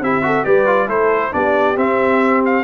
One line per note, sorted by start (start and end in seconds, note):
0.00 0.44 C4
0.00 0.22 E4
0.00 0.24 G4
0.00 0.44 E5
0.22 0.44 F#4
0.22 0.45 A4
0.44 0.87 G3
0.44 0.66 G4
0.44 0.87 B4
0.44 0.88 D5
0.66 0.87 F4
0.87 1.32 A3
0.87 1.31 E4
0.87 1.31 A4
0.87 1.33 C5
1.31 1.77 B3
1.31 1.75 D4
1.31 2.64 G4
1.31 1.77 D5
1.77 2.64 C4
1.77 2.44 E5
2.45 2.64 F5